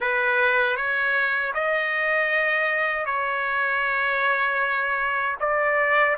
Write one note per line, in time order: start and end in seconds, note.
0.00 0.76 B4
0.76 1.53 C#5
1.54 3.05 D#5
3.05 5.36 C#5
5.40 6.16 D5